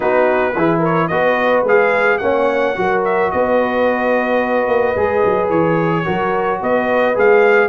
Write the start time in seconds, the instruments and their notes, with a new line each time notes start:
0.00 tuba B3, trombone D#4, horn F#4, trumpet B4
0.54 tuba E3, trombone E4, horn G#4
0.79 horn A#4, trumpet C#5
1.07 tuba B3, trombone F#4, horn B4, trumpet D#5
1.63 tuba G#3, trombone G#4, trumpet F5
2.18 tuba A#3, trombone C#4, horn C#5, trumpet F#5
2.75 tuba F#3, trombone F#4, horn A#4
3.04 trumpet E5
3.31 tuba B3, horn B4, trumpet D#5
4.68 tuba A#3
4.96 tuba G#3, trombone G#4
5.25 tuba F#3
5.49 tuba E3, trumpet C#5
6.04 tuba F#3, trombone F#4, horn A#4
6.60 tuba B3, horn B4, trumpet D#5
7.14 tuba G#3, trombone G#4, trumpet F5